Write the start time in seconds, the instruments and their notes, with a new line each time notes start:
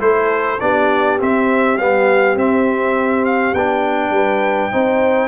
0.00 tuba A3, trombone E4, horn A4, trumpet C5
0.60 tuba B3, trombone D4, horn G4, trumpet D5
1.20 trombone C4, tuba C4, trumpet E5
1.78 tuba G3, trombone B3, trumpet F5
2.36 tuba C4, trombone C4, trumpet E5
3.25 trumpet F5
3.54 tuba B3, trombone D4, trumpet G5
4.11 tuba G3, horn B4
4.72 tuba C4, trombone D#4, horn C5